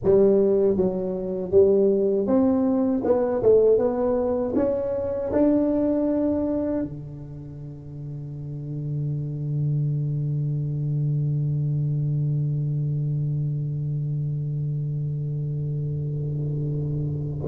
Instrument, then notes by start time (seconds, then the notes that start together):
tuba
0.03 G3
0.76 F#3
1.51 G3
2.26 C4
3.04 B3
3.42 A3
3.78 B3
4.55 C#4
5.32 D4
6.82 D3